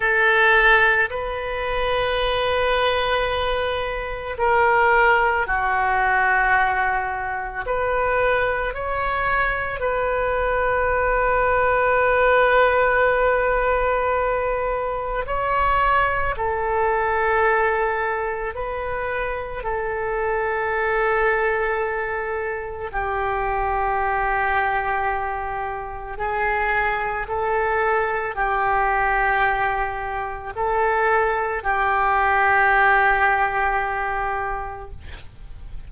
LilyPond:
\new Staff \with { instrumentName = "oboe" } { \time 4/4 \tempo 4 = 55 a'4 b'2. | ais'4 fis'2 b'4 | cis''4 b'2.~ | b'2 cis''4 a'4~ |
a'4 b'4 a'2~ | a'4 g'2. | gis'4 a'4 g'2 | a'4 g'2. | }